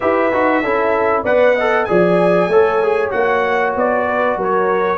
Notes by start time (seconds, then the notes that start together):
0.00 E4 G4 B4 E5
0.32 D#4 F#4
0.62 C#4 E4 A4
1.23 B3 B4 D5 F#5
1.55 A4 D#5
1.84 F3 G#4 D5 G#5
2.48 A3 A4 C#5
2.83 G#4
3.10 A#3 F#4 F#5
3.75 B3 D5
4.07 B4
4.36 F#3 A#4
4.42 C#5